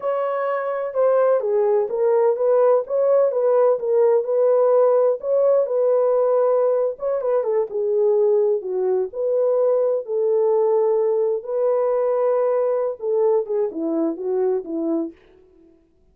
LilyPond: \new Staff \with { instrumentName = "horn" } { \time 4/4 \tempo 4 = 127 cis''2 c''4 gis'4 | ais'4 b'4 cis''4 b'4 | ais'4 b'2 cis''4 | b'2~ b'8. cis''8 b'8 a'16~ |
a'16 gis'2 fis'4 b'8.~ | b'4~ b'16 a'2~ a'8.~ | a'16 b'2.~ b'16 a'8~ | a'8 gis'8 e'4 fis'4 e'4 | }